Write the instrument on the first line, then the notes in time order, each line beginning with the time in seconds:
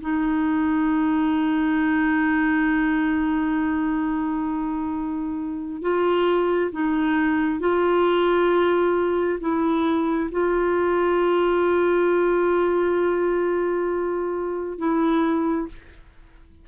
clarinet
0.00 D#4
5.81 F4
6.71 D#4
7.60 F4
9.40 E4
10.31 F4
14.78 E4